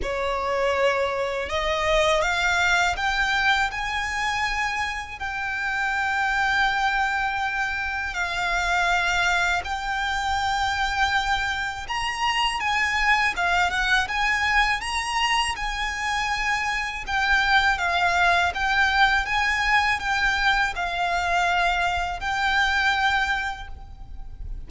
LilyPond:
\new Staff \with { instrumentName = "violin" } { \time 4/4 \tempo 4 = 81 cis''2 dis''4 f''4 | g''4 gis''2 g''4~ | g''2. f''4~ | f''4 g''2. |
ais''4 gis''4 f''8 fis''8 gis''4 | ais''4 gis''2 g''4 | f''4 g''4 gis''4 g''4 | f''2 g''2 | }